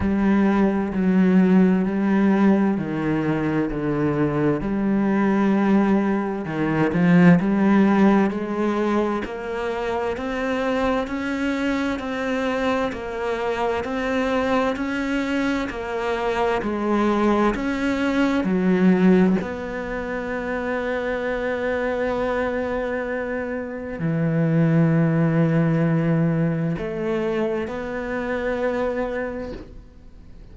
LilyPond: \new Staff \with { instrumentName = "cello" } { \time 4/4 \tempo 4 = 65 g4 fis4 g4 dis4 | d4 g2 dis8 f8 | g4 gis4 ais4 c'4 | cis'4 c'4 ais4 c'4 |
cis'4 ais4 gis4 cis'4 | fis4 b2.~ | b2 e2~ | e4 a4 b2 | }